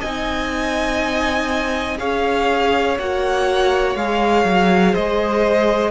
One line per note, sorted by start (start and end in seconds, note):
0.00 2.00 C4
0.00 1.98 D#4
0.00 1.97 D#5
0.00 1.98 G#5
1.98 2.98 C#4
1.98 2.97 G#4
1.98 4.92 C#5
1.98 2.97 F5
2.99 3.95 A#3
2.99 3.97 F#4
2.99 3.96 F#5
3.95 4.44 G#3
3.95 5.91 G#4
3.95 4.94 F5
4.44 4.93 F#3
4.92 5.91 G#3
4.92 5.91 C5
4.92 5.91 D#5